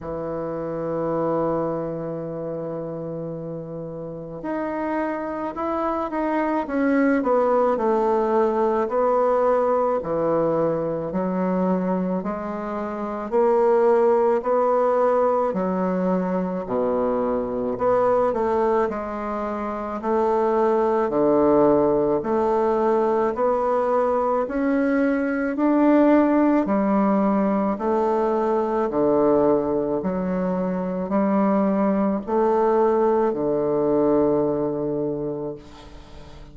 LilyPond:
\new Staff \with { instrumentName = "bassoon" } { \time 4/4 \tempo 4 = 54 e1 | dis'4 e'8 dis'8 cis'8 b8 a4 | b4 e4 fis4 gis4 | ais4 b4 fis4 b,4 |
b8 a8 gis4 a4 d4 | a4 b4 cis'4 d'4 | g4 a4 d4 fis4 | g4 a4 d2 | }